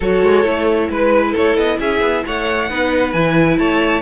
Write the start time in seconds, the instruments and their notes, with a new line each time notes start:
0.00 cello F#3, viola F#4, violin A4 C#5
0.22 cello G#3
0.44 cello A3, viola E4
0.89 cello G#3, violin B4
1.31 cello A3, violin A4 C#5
1.56 cello B3, violin D#5
1.79 cello C#4, violin G#4 E5
2.00 cello B3
2.26 cello A3, violin C#5 F#5
2.69 cello B3, viola D#4, violin B4
3.12 cello E3, viola E4, violin G#5
3.58 cello A3, violin C#5 A5